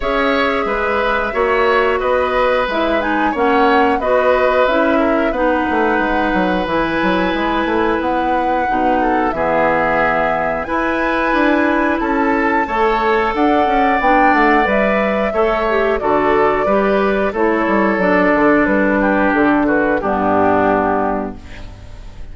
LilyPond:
<<
  \new Staff \with { instrumentName = "flute" } { \time 4/4 \tempo 4 = 90 e''2. dis''4 | e''8 gis''8 fis''4 dis''4 e''4 | fis''2 gis''2 | fis''2 e''2 |
gis''2 a''2 | fis''4 g''8 fis''8 e''2 | d''2 cis''4 d''4 | b'4 a'8 b'8 g'2 | }
  \new Staff \with { instrumentName = "oboe" } { \time 4/4 cis''4 b'4 cis''4 b'4~ | b'4 cis''4 b'4. ais'8 | b'1~ | b'4. a'8 gis'2 |
b'2 a'4 cis''4 | d''2. cis''4 | a'4 b'4 a'2~ | a'8 g'4 fis'8 d'2 | }
  \new Staff \with { instrumentName = "clarinet" } { \time 4/4 gis'2 fis'2 | e'8 dis'8 cis'4 fis'4 e'4 | dis'2 e'2~ | e'4 dis'4 b2 |
e'2. a'4~ | a'4 d'4 b'4 a'8 g'8 | fis'4 g'4 e'4 d'4~ | d'2 b2 | }
  \new Staff \with { instrumentName = "bassoon" } { \time 4/4 cis'4 gis4 ais4 b4 | gis4 ais4 b4 cis'4 | b8 a8 gis8 fis8 e8 fis8 gis8 a8 | b4 b,4 e2 |
e'4 d'4 cis'4 a4 | d'8 cis'8 b8 a8 g4 a4 | d4 g4 a8 g8 fis8 d8 | g4 d4 g,2 | }
>>